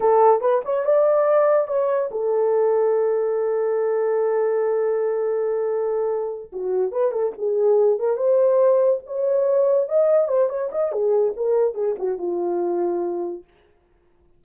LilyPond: \new Staff \with { instrumentName = "horn" } { \time 4/4 \tempo 4 = 143 a'4 b'8 cis''8 d''2 | cis''4 a'2.~ | a'1~ | a'2.~ a'8 fis'8~ |
fis'8 b'8 a'8 gis'4. ais'8 c''8~ | c''4. cis''2 dis''8~ | dis''8 c''8 cis''8 dis''8 gis'4 ais'4 | gis'8 fis'8 f'2. | }